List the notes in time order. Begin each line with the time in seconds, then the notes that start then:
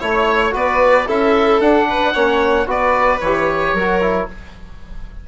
0.00 A3 E4 C#5
0.52 B3 F#4 B4 D5
1.08 C#4 E4 A4 E5
1.60 D4 F#5
1.89 B4
2.14 A#3 C#4 C#5
2.67 B3 F#4 B4 D5
3.20 E3 G4 C#5
3.74 F#3 F#4 A#4
4.02 E4